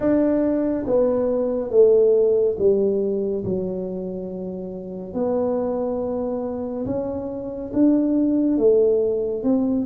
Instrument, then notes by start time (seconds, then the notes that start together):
tuba
0.00 D4
0.86 B3
1.70 A3
2.58 G3
3.44 F#3
5.14 B3
6.85 C#4
7.73 D4
8.57 A3
9.43 C4